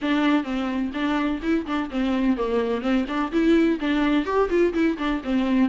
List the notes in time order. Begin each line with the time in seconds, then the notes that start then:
0.01 D4
0.43 C4
0.93 D4
1.42 E4
1.66 D4
1.90 C4
2.36 A#3
2.81 C4
3.08 D4
3.32 E4
3.80 D4
4.25 G4
4.49 F4
4.73 E4
4.98 D4
5.24 C4